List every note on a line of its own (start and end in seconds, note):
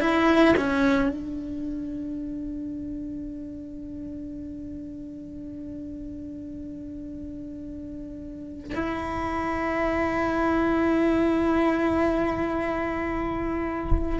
0.00 0.55 E4
0.57 1.09 C#4
1.09 8.72 D4
8.74 14.19 E4